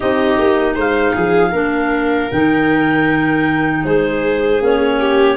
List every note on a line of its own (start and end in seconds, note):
0.00 0.38 C4
0.00 1.53 D#4
0.00 0.74 G4
0.00 0.75 D#5
0.38 0.75 A#3
0.74 1.14 G#3
0.74 1.13 C5
0.74 2.31 F5
1.14 1.52 F3
1.14 1.51 G#4
1.51 2.29 A#3
1.51 2.30 D4
1.51 3.82 A#4
2.31 3.84 D#3
2.31 4.61 D#4
2.31 3.84 G5
3.84 4.61 G#3
3.84 4.99 G#4
3.84 4.61 C5
4.61 5.36 A#3
4.61 5.36 C#4
4.61 5.36 C#5
4.99 5.36 G4